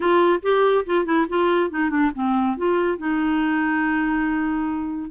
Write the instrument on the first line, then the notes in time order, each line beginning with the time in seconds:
clarinet
0.00 F4
0.42 G4
0.86 F4
1.05 E4
1.28 F4
1.70 D#4
1.90 D4
2.14 C4
2.57 F4
2.98 D#4